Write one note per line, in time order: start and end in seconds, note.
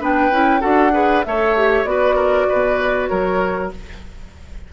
0.00 0.31 B3
0.00 0.31 D4
0.00 0.60 B4
0.00 0.61 G5
0.31 0.62 C#4
0.31 0.60 E4
0.60 1.26 D4
0.60 0.91 F#4
0.60 0.91 A4
0.60 1.23 F#5
0.92 1.23 G#4
0.92 1.24 B4
1.24 1.84 A3
1.24 1.57 A4
1.24 1.89 C#5
1.24 1.84 E5
1.57 1.85 G4
1.84 2.46 B3
1.84 3.71 F#4
1.84 2.15 B4
1.84 3.07 D5
2.15 2.46 A#4
2.49 3.11 B2
2.49 3.10 B4
3.07 3.73 F#3
3.07 3.72 A#4
3.07 3.69 C#5